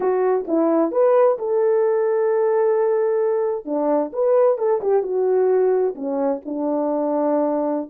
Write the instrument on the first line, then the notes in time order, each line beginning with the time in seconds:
horn
0.00 F#4
0.47 E4
0.91 B4
1.38 A4
3.65 D4
4.12 B4
4.58 A4
4.81 G4
5.03 F#4
5.95 C#4
6.45 D4